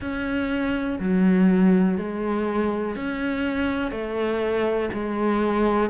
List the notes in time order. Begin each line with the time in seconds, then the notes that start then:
0.00 C#4
0.99 F#3
1.97 G#3
2.95 C#4
3.91 A3
4.93 G#3